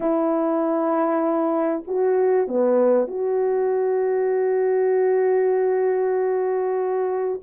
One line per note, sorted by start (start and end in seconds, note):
0.00 1.83 E4
1.87 2.47 F#4
2.47 3.07 B3
3.07 7.40 F#4